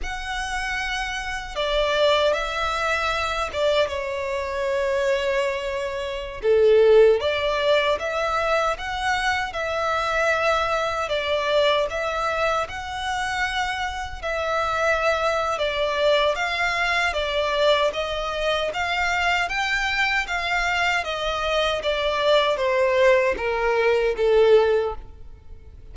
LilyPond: \new Staff \with { instrumentName = "violin" } { \time 4/4 \tempo 4 = 77 fis''2 d''4 e''4~ | e''8 d''8 cis''2.~ | cis''16 a'4 d''4 e''4 fis''8.~ | fis''16 e''2 d''4 e''8.~ |
e''16 fis''2 e''4.~ e''16 | d''4 f''4 d''4 dis''4 | f''4 g''4 f''4 dis''4 | d''4 c''4 ais'4 a'4 | }